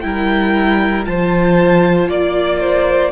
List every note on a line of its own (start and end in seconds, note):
0.00 1.07 G3
0.00 1.05 E4
0.00 1.08 A#4
0.00 1.03 G5
1.05 2.08 F3
1.05 3.12 F4
1.05 2.09 C5
1.05 2.09 A5
2.08 3.12 A#3
2.08 2.60 D5
2.08 3.12 D5
2.60 3.11 C5